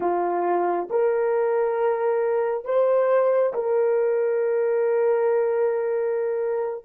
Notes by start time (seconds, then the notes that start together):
0.00 F4
0.89 A#4
2.65 C5
3.53 A#4